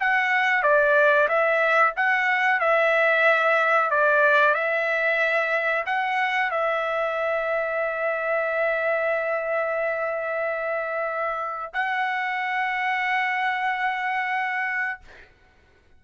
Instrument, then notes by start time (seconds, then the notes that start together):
trumpet
0.00 F#5
0.63 D5
1.28 E5
1.96 F#5
2.60 E5
3.90 D5
4.54 E5
5.86 F#5
6.51 E5
11.73 F#5